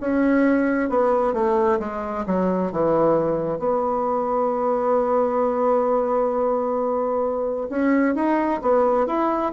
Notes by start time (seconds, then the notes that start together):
0.00 C#4
0.89 B3
1.33 A3
1.79 G#3
2.26 F#3
2.71 E3
3.59 B3
7.69 C#4
8.15 D#4
8.62 B3
9.07 E4